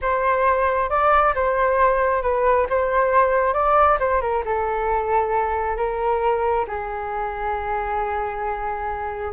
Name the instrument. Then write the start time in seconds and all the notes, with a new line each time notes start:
flute
0.01 C5
0.89 D5
1.34 C5
2.22 B4
2.69 C5
3.53 D5
3.99 C5
4.21 A#4
4.45 A4
5.77 A#4
6.67 G#4